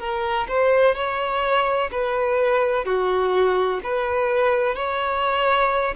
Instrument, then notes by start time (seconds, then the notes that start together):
violin
0.00 A#4
0.48 C5
0.95 C#5
1.91 B4
2.85 F#4
3.84 B4
4.76 C#5